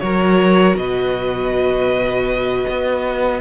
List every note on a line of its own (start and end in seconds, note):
0.00 0.75 F#3
0.00 3.40 F#4
0.00 0.79 A#4
0.00 0.76 C#5
0.75 2.65 B2
0.75 3.40 B4
0.75 3.40 D#5
2.69 3.40 B3